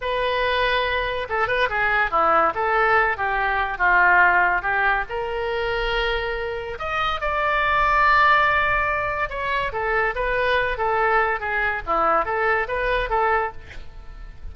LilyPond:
\new Staff \with { instrumentName = "oboe" } { \time 4/4 \tempo 4 = 142 b'2. a'8 b'8 | gis'4 e'4 a'4. g'8~ | g'4 f'2 g'4 | ais'1 |
dis''4 d''2.~ | d''2 cis''4 a'4 | b'4. a'4. gis'4 | e'4 a'4 b'4 a'4 | }